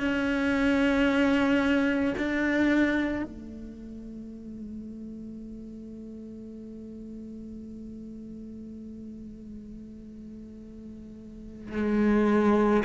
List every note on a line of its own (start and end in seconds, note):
0.00 2.14 C#4
2.17 3.24 D4
3.24 11.76 A3
11.76 12.83 G#3